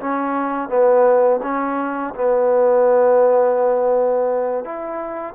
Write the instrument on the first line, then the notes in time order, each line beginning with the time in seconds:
trombone
0.00 C#4
0.69 B3
1.43 C#4
2.15 B3
4.65 E4